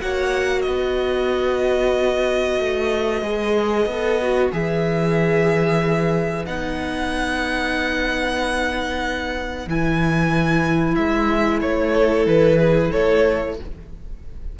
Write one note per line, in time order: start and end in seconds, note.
0.00 0.67 A#3
0.00 3.24 F#4
0.00 0.66 C#5
0.00 0.61 F#5
0.61 2.59 B3
0.61 11.94 B4
0.61 4.48 D#5
2.59 3.22 A3
3.22 3.85 G#3
3.22 3.88 G#4
3.85 4.50 B3
3.85 4.21 A4
4.21 4.52 F#4
4.52 6.46 E3
4.52 6.45 G#4
4.52 6.46 E5
6.46 9.66 B3
6.46 9.69 D#4
6.46 9.68 F#5
9.66 10.95 E3
9.66 13.56 E4
9.66 10.95 G#5
10.95 11.62 G#3
10.95 11.59 E5
11.61 12.26 A3
11.61 12.26 C#5
11.94 12.58 A4
12.26 12.90 E3
12.26 12.91 B4
12.58 12.90 G#4
12.91 13.59 A3
12.91 13.55 A4
12.91 13.56 C#5